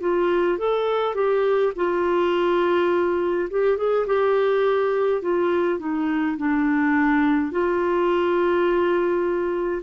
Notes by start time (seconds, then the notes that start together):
0.00 F4
0.58 A4
1.14 G4
1.75 F4
3.50 G4
3.77 G#4
4.06 G4
5.21 F4
5.78 D#4
6.37 D4
7.51 F4